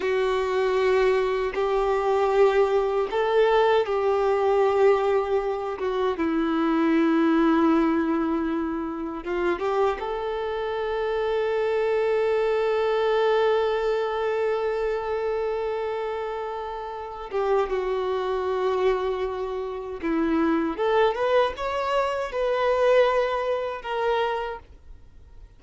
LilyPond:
\new Staff \with { instrumentName = "violin" } { \time 4/4 \tempo 4 = 78 fis'2 g'2 | a'4 g'2~ g'8 fis'8 | e'1 | f'8 g'8 a'2.~ |
a'1~ | a'2~ a'8 g'8 fis'4~ | fis'2 e'4 a'8 b'8 | cis''4 b'2 ais'4 | }